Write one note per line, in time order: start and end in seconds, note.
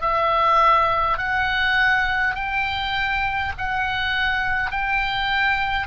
0.00 1.18 E5
1.18 2.35 F#5
2.35 3.52 G5
3.57 4.71 F#5
4.71 5.87 G5